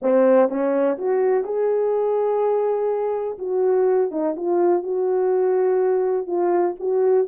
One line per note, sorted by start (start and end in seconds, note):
0.02 0.49 C4
0.49 0.97 C#4
0.97 1.44 F#4
1.44 3.38 G#4
3.38 4.11 F#4
4.11 4.35 D#4
4.36 4.83 F4
4.83 6.27 F#4
6.27 6.75 F4
6.79 7.27 F#4